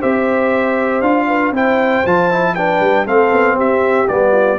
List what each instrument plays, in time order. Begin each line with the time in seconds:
0.00 tuba C4, trombone G4, horn C5, trumpet E5
1.02 tuba D4, trombone F4, trumpet F5
1.28 horn B4
1.51 tuba C4, trombone E4, horn C5, trumpet G5
2.06 tuba F3, trombone F4, trumpet A5
2.31 trombone E4
2.55 trombone D4, horn B4, trumpet G5
2.80 tuba G3
3.06 tuba A3, trombone C4, horn A4, trumpet F5
3.33 tuba B3
3.56 tuba C4, horn G4, trumpet E5
4.08 tuba G3, trombone B3, trumpet D5
4.32 horn F4